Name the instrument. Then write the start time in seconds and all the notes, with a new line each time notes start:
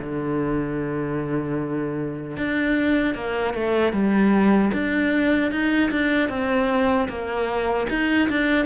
cello
0.00 D3
2.37 D4
3.15 A#3
3.54 A3
3.93 G3
4.73 D4
5.51 D#4
5.91 D4
6.29 C4
7.08 A#3
7.89 D#4
8.29 D4